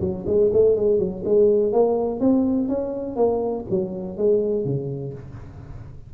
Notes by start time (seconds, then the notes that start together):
0.00 F#3
0.26 G#3
0.52 A3
0.76 G#3
0.99 F#3
1.25 G#3
1.72 A#3
2.20 C4
2.68 C#4
3.16 A#3
3.70 F#3
4.17 G#3
4.65 C#3